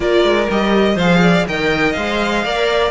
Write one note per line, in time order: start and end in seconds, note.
0.00 0.24 A#3
0.00 0.46 F4
0.00 0.94 A#4
0.00 0.49 D5
0.24 0.48 G#3
0.49 0.95 G3
0.49 0.98 G4
0.49 0.98 D#5
0.94 1.44 F3
0.94 1.18 C5
0.94 1.47 F5
1.01 1.48 G#4
1.22 1.46 D5
1.47 1.96 D#3
1.47 1.96 A#4
1.47 2.44 D#5
1.47 1.92 G5
1.92 2.45 G#3
1.92 2.44 C5
1.92 2.90 F5
2.44 2.91 A#3
2.44 2.91 A#4
2.44 2.91 D5